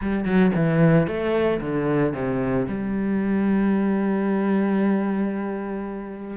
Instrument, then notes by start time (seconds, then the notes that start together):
cello
0.01 G3
0.25 F#3
0.55 E3
1.07 A3
1.60 D3
2.13 C3
2.68 G3